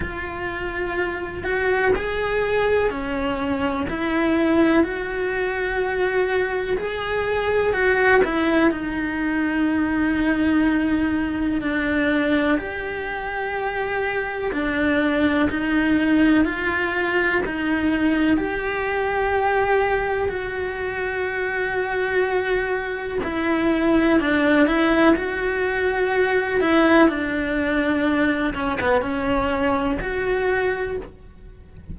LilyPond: \new Staff \with { instrumentName = "cello" } { \time 4/4 \tempo 4 = 62 f'4. fis'8 gis'4 cis'4 | e'4 fis'2 gis'4 | fis'8 e'8 dis'2. | d'4 g'2 d'4 |
dis'4 f'4 dis'4 g'4~ | g'4 fis'2. | e'4 d'8 e'8 fis'4. e'8 | d'4. cis'16 b16 cis'4 fis'4 | }